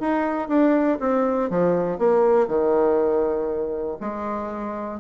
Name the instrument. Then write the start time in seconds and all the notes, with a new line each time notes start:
bassoon
0.00 D#4
0.48 D4
1.00 C4
1.50 F3
1.98 A#3
2.48 D#3
4.00 G#3